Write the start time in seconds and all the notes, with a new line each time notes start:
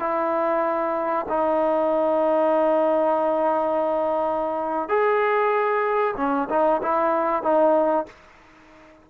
0.00 E4
1.29 D#4
4.89 G#4
6.17 C#4
6.50 D#4
6.83 E4
7.43 D#4